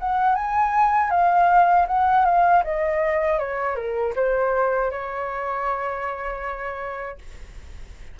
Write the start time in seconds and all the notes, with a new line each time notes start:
0.00 F#5
0.36 G#5
1.11 F5
1.87 F#5
2.25 F5
2.64 D#5
3.39 C#5
3.76 A#4
4.16 C5
4.91 C#5